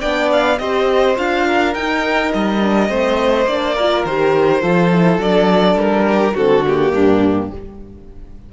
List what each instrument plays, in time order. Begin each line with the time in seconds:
0.00 cello B3, horn D4, violin D5 G5
0.32 violin F5
0.58 cello C4, horn G4, violin C5 D#5
1.16 cello D4, horn F4, violin F5
1.46 violin A#4
1.74 cello D#4, horn D#4, violin G5
2.33 cello G3, violin D#5
2.59 horn D4
2.88 cello A3, horn C4, violin C5
3.46 cello A#3, horn D4, violin D5
3.75 horn F4, violin A#4
4.04 cello D#3, horn G4, violin C5
4.61 cello F3, horn F4, violin A4
4.91 horn E4
5.18 cello F#3, horn D4, violin D5
5.75 cello G3, violin A#4
6.07 violin G4
6.34 cello D3, horn C4, violin F#4 A4
6.66 horn A#3, violin G4
6.92 cello G2, violin D4